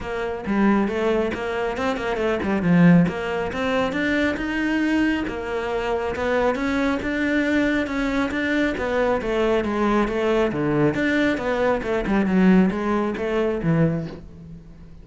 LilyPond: \new Staff \with { instrumentName = "cello" } { \time 4/4 \tempo 4 = 137 ais4 g4 a4 ais4 | c'8 ais8 a8 g8 f4 ais4 | c'4 d'4 dis'2 | ais2 b4 cis'4 |
d'2 cis'4 d'4 | b4 a4 gis4 a4 | d4 d'4 b4 a8 g8 | fis4 gis4 a4 e4 | }